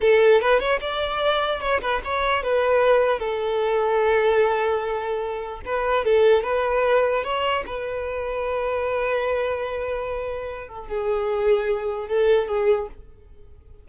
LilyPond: \new Staff \with { instrumentName = "violin" } { \time 4/4 \tempo 4 = 149 a'4 b'8 cis''8 d''2 | cis''8 b'8 cis''4 b'2 | a'1~ | a'2 b'4 a'4 |
b'2 cis''4 b'4~ | b'1~ | b'2~ b'8 a'8 gis'4~ | gis'2 a'4 gis'4 | }